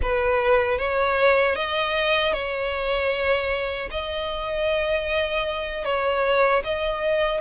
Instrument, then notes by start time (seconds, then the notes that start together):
violin
0.02 B4
0.78 C#5
1.55 D#5
2.33 C#5
3.90 D#5
5.84 C#5
6.64 D#5